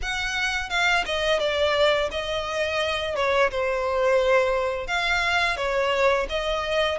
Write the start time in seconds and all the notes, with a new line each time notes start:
0.02 F#5
0.69 F5
1.05 D#5
1.39 D5
2.11 D#5
3.15 C#5
3.50 C5
4.87 F5
5.57 C#5
6.29 D#5